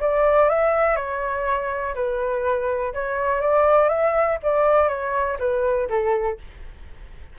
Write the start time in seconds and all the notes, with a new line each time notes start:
0.00 D5
0.49 E5
0.95 C#5
1.94 B4
2.93 C#5
3.40 D5
3.89 E5
4.42 D5
4.88 C#5
5.39 B4
5.89 A4